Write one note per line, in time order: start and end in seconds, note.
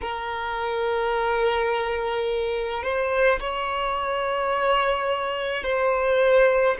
0.01 2.83 A#4
2.83 3.40 C5
3.40 5.63 C#5
5.63 6.76 C5